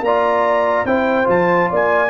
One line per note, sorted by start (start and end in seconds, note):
0.00 0.83 A#3
0.00 0.87 D5
0.00 0.86 A#5
0.06 0.86 F4
0.84 1.26 C4
0.84 1.24 E4
0.84 1.70 C5
0.84 1.27 G5
1.24 1.70 F3
1.24 2.07 F4
1.24 1.71 A5
1.70 2.10 A#3
1.70 2.10 D5
1.70 2.10 G#5